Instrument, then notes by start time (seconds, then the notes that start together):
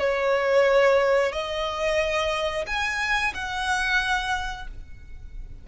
violin
0.00 C#5
1.33 D#5
2.67 G#5
3.35 F#5